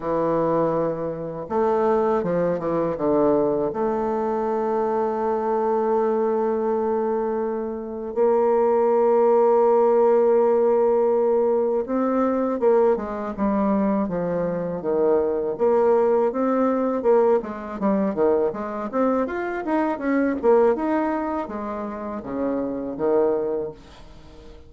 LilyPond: \new Staff \with { instrumentName = "bassoon" } { \time 4/4 \tempo 4 = 81 e2 a4 f8 e8 | d4 a2.~ | a2. ais4~ | ais1 |
c'4 ais8 gis8 g4 f4 | dis4 ais4 c'4 ais8 gis8 | g8 dis8 gis8 c'8 f'8 dis'8 cis'8 ais8 | dis'4 gis4 cis4 dis4 | }